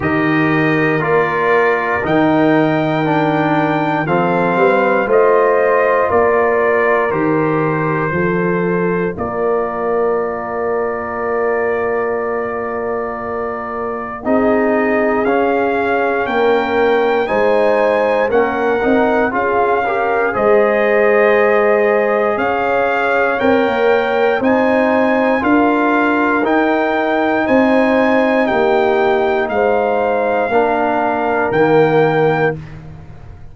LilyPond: <<
  \new Staff \with { instrumentName = "trumpet" } { \time 4/4 \tempo 4 = 59 dis''4 d''4 g''2 | f''4 dis''4 d''4 c''4~ | c''4 d''2.~ | d''2 dis''4 f''4 |
g''4 gis''4 fis''4 f''4 | dis''2 f''4 g''4 | gis''4 f''4 g''4 gis''4 | g''4 f''2 g''4 | }
  \new Staff \with { instrumentName = "horn" } { \time 4/4 ais'1 | a'8 b'8 c''4 ais'2 | a'4 ais'2.~ | ais'2 gis'2 |
ais'4 c''4 ais'4 gis'8 ais'8 | c''2 cis''2 | c''4 ais'2 c''4 | g'4 c''4 ais'2 | }
  \new Staff \with { instrumentName = "trombone" } { \time 4/4 g'4 f'4 dis'4 d'4 | c'4 f'2 g'4 | f'1~ | f'2 dis'4 cis'4~ |
cis'4 dis'4 cis'8 dis'8 f'8 g'8 | gis'2. ais'4 | dis'4 f'4 dis'2~ | dis'2 d'4 ais4 | }
  \new Staff \with { instrumentName = "tuba" } { \time 4/4 dis4 ais4 dis2 | f8 g8 a4 ais4 dis4 | f4 ais2.~ | ais2 c'4 cis'4 |
ais4 gis4 ais8 c'8 cis'4 | gis2 cis'4 c'16 ais8. | c'4 d'4 dis'4 c'4 | ais4 gis4 ais4 dis4 | }
>>